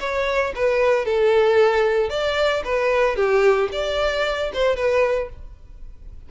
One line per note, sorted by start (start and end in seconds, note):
0.00 0.53 C#5
0.56 1.06 B4
1.06 2.10 A4
2.10 2.63 D5
2.65 3.16 B4
3.16 3.70 G4
3.72 4.52 D5
4.54 4.76 C5
4.76 5.30 B4